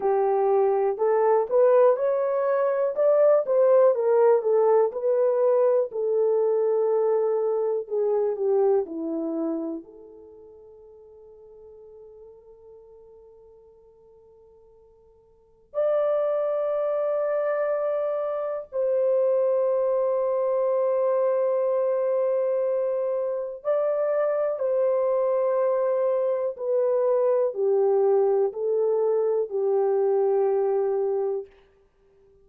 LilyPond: \new Staff \with { instrumentName = "horn" } { \time 4/4 \tempo 4 = 61 g'4 a'8 b'8 cis''4 d''8 c''8 | ais'8 a'8 b'4 a'2 | gis'8 g'8 e'4 a'2~ | a'1 |
d''2. c''4~ | c''1 | d''4 c''2 b'4 | g'4 a'4 g'2 | }